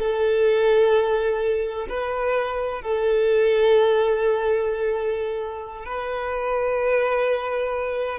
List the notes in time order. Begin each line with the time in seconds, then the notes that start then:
0.00 A4
1.90 B4
2.83 A4
5.86 B4